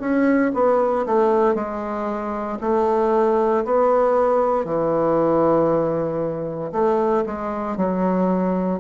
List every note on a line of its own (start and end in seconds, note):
0.00 0.52 C#4
0.54 1.06 B3
1.06 1.55 A3
1.55 2.59 G#3
2.61 3.64 A3
3.65 4.65 B3
4.65 6.71 E3
6.72 7.24 A3
7.26 7.77 G#3
7.77 8.80 F#3